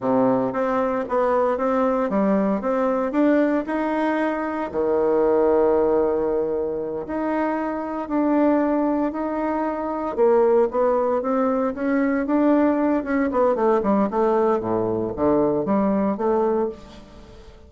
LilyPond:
\new Staff \with { instrumentName = "bassoon" } { \time 4/4 \tempo 4 = 115 c4 c'4 b4 c'4 | g4 c'4 d'4 dis'4~ | dis'4 dis2.~ | dis4. dis'2 d'8~ |
d'4. dis'2 ais8~ | ais8 b4 c'4 cis'4 d'8~ | d'4 cis'8 b8 a8 g8 a4 | a,4 d4 g4 a4 | }